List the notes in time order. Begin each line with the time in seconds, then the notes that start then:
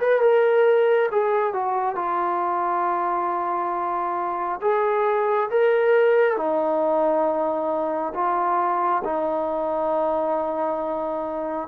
0.00 B4
0.21 A#4
1.11 G#4
1.53 F#4
1.95 F4
4.61 G#4
5.50 A#4
6.36 D#4
8.14 F4
9.04 D#4